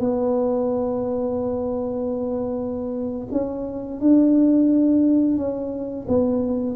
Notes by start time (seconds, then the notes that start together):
0.00 B3
3.32 C#4
4.00 D4
5.37 C#4
6.08 B3